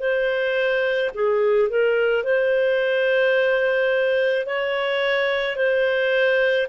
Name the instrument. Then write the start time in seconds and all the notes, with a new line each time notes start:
clarinet
0.00 C5
1.15 G#4
1.70 A#4
2.24 C5
4.46 C#5
5.57 C5